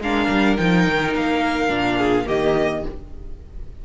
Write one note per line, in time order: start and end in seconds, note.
0.00 0.28 G#3
0.00 0.58 D4
0.00 1.97 A#4
0.00 0.57 F5
0.29 0.57 G3
0.57 0.87 F3
0.57 1.68 D#4
0.57 1.13 G5
0.87 1.15 D#3
1.15 1.69 A#3
1.15 2.28 F5
1.68 2.26 A#2
1.68 2.25 D4
1.97 2.25 G#4
2.25 2.85 D#3
2.25 2.82 A#3
2.25 2.84 G4
2.25 2.85 D#5